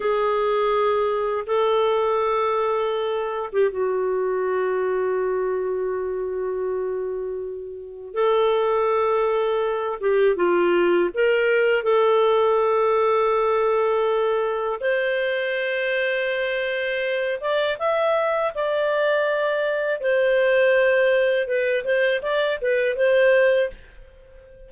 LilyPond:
\new Staff \with { instrumentName = "clarinet" } { \time 4/4 \tempo 4 = 81 gis'2 a'2~ | a'8. g'16 fis'2.~ | fis'2. a'4~ | a'4. g'8 f'4 ais'4 |
a'1 | c''2.~ c''8 d''8 | e''4 d''2 c''4~ | c''4 b'8 c''8 d''8 b'8 c''4 | }